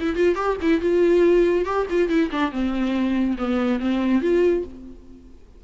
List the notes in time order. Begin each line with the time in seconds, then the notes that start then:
0.00 E4
0.16 F4
0.35 G4
0.62 E4
0.81 F4
1.65 G4
1.90 F4
2.09 E4
2.31 D4
2.52 C4
3.38 B3
3.80 C4
4.22 F4